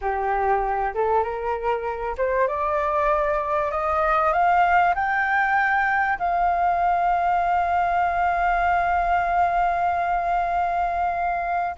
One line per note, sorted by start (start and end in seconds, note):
0.01 0.94 G4
0.94 1.23 A4
1.23 2.16 A#4
2.17 2.47 C5
2.47 3.71 D5
3.71 4.32 D#5
4.32 4.94 F5
4.94 6.18 G5
6.19 11.75 F5